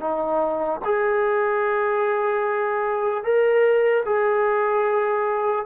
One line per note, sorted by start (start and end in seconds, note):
0.00 0.80 D#4
0.85 3.24 G#4
3.24 4.04 A#4
4.05 5.65 G#4